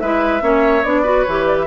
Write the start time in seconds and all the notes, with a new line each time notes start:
0.00 G#3 E4 B4 E5
0.41 A#3 C#4 C#5
0.84 B3 D4 D5
1.02 F#4 B4
1.24 E3 G4 C#5
1.47 D5
1.59 E5